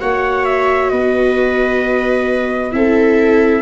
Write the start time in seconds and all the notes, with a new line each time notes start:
0.00 A#3 F#4 C#5 F#5
0.45 E5
0.90 B3 B4 D#5
2.72 C4 E4 A4 E5